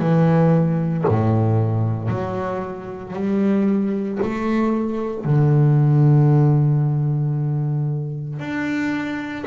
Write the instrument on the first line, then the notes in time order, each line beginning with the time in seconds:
double bass
0.00 E3
1.08 A2
2.09 F#3
3.14 G3
4.22 A3
5.25 D3
8.40 D4